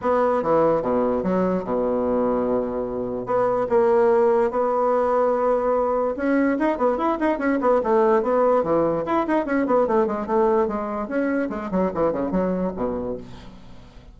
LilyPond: \new Staff \with { instrumentName = "bassoon" } { \time 4/4 \tempo 4 = 146 b4 e4 b,4 fis4 | b,1 | b4 ais2 b4~ | b2. cis'4 |
dis'8 b8 e'8 dis'8 cis'8 b8 a4 | b4 e4 e'8 dis'8 cis'8 b8 | a8 gis8 a4 gis4 cis'4 | gis8 fis8 e8 cis8 fis4 b,4 | }